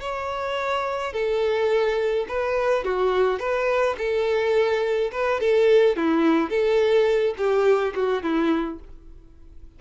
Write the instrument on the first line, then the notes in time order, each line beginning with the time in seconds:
violin
0.00 C#5
1.13 A4
2.28 B4
2.84 F#4
3.39 B4
3.97 A4
5.11 B4
5.40 A4
5.96 E4
6.49 A4
7.37 G4
7.95 F#4
8.22 E4